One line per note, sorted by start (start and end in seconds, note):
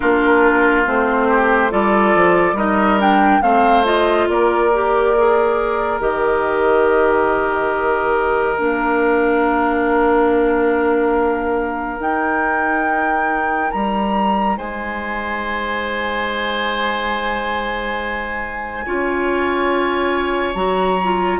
0.00 0.86 A#3
0.00 0.85 D4
0.00 1.27 F4
0.00 0.84 A#4
0.85 1.72 A3
0.85 1.70 C4
0.85 1.72 C5
1.29 1.71 G4
1.70 2.15 G3
1.70 2.56 F4
1.70 2.56 A4
1.70 2.57 D5
2.15 2.52 F3
2.52 3.38 G3
2.52 2.98 D#4
2.52 3.41 A#4
2.52 3.00 D#5
2.98 3.41 D4
2.98 3.41 G5
3.41 4.28 A3
3.41 3.84 C4
3.41 4.28 C5
3.41 3.84 F5
3.84 4.70 F4
3.84 4.28 D#5
4.28 6.00 A#3
4.28 14.57 A#4
4.28 6.00 D5
4.73 5.16 G4
5.17 6.00 G#4
6.00 8.57 D#3
6.00 8.57 G4
6.00 8.58 D#5
8.57 11.99 A#3
8.57 11.98 D4
8.57 12.01 F5
11.98 18.84 D#4
11.98 13.70 D#4
11.98 13.71 G5
13.71 14.57 G3
13.71 14.56 A#5
14.57 18.85 G#3
14.57 18.85 C5
14.57 20.54 G#5
18.86 20.54 C#4
18.86 20.55 F4
18.86 21.39 C#5
20.54 21.39 F#3
20.54 20.97 F#4
20.54 21.39 A#5
21.03 21.39 F4